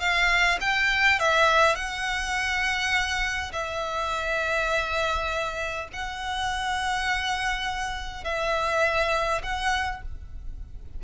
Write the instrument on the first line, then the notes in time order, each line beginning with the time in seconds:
violin
0.00 F5
0.61 G5
1.20 E5
1.76 F#5
3.53 E5
5.93 F#5
8.25 E5
9.44 F#5